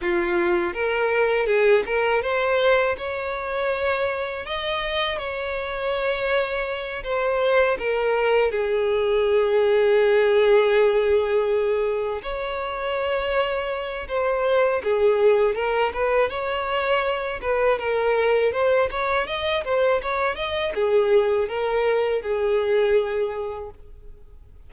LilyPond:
\new Staff \with { instrumentName = "violin" } { \time 4/4 \tempo 4 = 81 f'4 ais'4 gis'8 ais'8 c''4 | cis''2 dis''4 cis''4~ | cis''4. c''4 ais'4 gis'8~ | gis'1~ |
gis'8 cis''2~ cis''8 c''4 | gis'4 ais'8 b'8 cis''4. b'8 | ais'4 c''8 cis''8 dis''8 c''8 cis''8 dis''8 | gis'4 ais'4 gis'2 | }